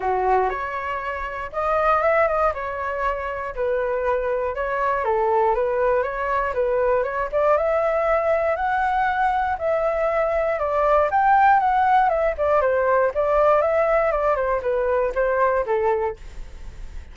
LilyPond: \new Staff \with { instrumentName = "flute" } { \time 4/4 \tempo 4 = 119 fis'4 cis''2 dis''4 | e''8 dis''8 cis''2 b'4~ | b'4 cis''4 a'4 b'4 | cis''4 b'4 cis''8 d''8 e''4~ |
e''4 fis''2 e''4~ | e''4 d''4 g''4 fis''4 | e''8 d''8 c''4 d''4 e''4 | d''8 c''8 b'4 c''4 a'4 | }